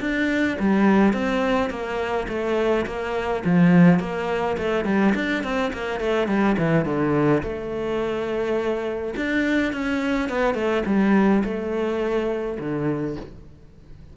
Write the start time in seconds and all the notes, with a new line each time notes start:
0.00 D4
0.59 G3
1.13 C4
1.70 A#3
2.29 A3
2.86 A#3
3.45 F3
4.00 A#3
4.58 A3
4.85 G3
5.15 D4
5.44 C4
5.73 A#3
6.00 A3
6.28 G3
6.58 E3
6.85 D3
7.43 A3
9.17 D4
9.73 C#4
10.29 B3
10.55 A3
10.86 G3
11.44 A3
12.59 D3